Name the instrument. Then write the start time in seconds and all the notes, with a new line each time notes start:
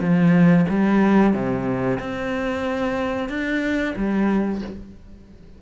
cello
0.00 F3
0.69 G3
1.33 C3
2.00 C4
3.29 D4
3.96 G3